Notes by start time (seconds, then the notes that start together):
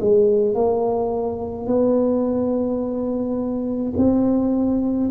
0.00 G#3
0.55 A#3
1.67 B3
3.97 C4